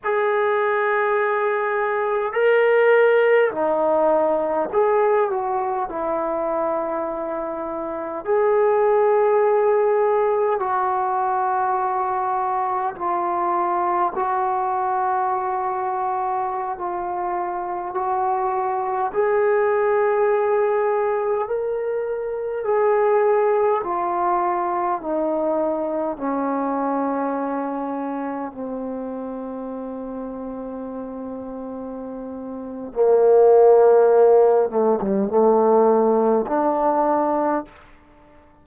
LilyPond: \new Staff \with { instrumentName = "trombone" } { \time 4/4 \tempo 4 = 51 gis'2 ais'4 dis'4 | gis'8 fis'8 e'2 gis'4~ | gis'4 fis'2 f'4 | fis'2~ fis'16 f'4 fis'8.~ |
fis'16 gis'2 ais'4 gis'8.~ | gis'16 f'4 dis'4 cis'4.~ cis'16~ | cis'16 c'2.~ c'8. | ais4. a16 g16 a4 d'4 | }